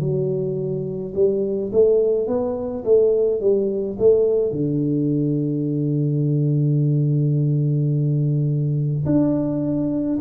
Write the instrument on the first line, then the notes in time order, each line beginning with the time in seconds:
tuba
0.00 F#3
1.15 G3
1.72 A3
2.27 B3
2.85 A3
3.41 G3
3.99 A3
4.52 D3
9.06 D4